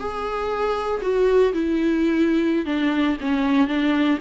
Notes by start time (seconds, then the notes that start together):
0.00 G#4
1.03 F#4
1.54 E4
2.66 D4
3.21 C#4
3.68 D4